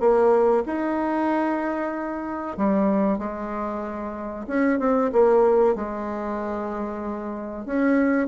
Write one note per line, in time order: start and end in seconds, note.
0.00 0.64 A#3
0.66 2.57 D#4
2.57 3.18 G3
3.18 4.46 G#3
4.47 4.79 C#4
4.79 5.11 C4
5.12 5.75 A#3
5.75 7.66 G#3
7.66 8.27 C#4